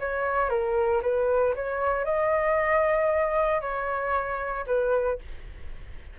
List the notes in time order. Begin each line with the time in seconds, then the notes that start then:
0.00 C#5
0.50 A#4
1.02 B4
1.56 C#5
2.05 D#5
3.61 C#5
4.67 B4